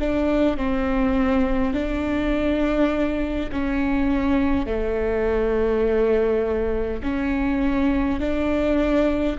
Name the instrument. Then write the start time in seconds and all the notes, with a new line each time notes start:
viola
0.00 D4
0.57 C4
1.74 D4
3.52 C#4
4.67 A3
7.03 C#4
8.20 D4